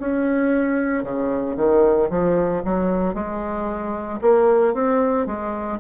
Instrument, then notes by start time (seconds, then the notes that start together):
bassoon
0.00 C#4
1.04 C#3
1.57 D#3
2.10 F3
2.65 F#3
3.14 G#3
4.22 A#3
4.74 C4
5.26 G#3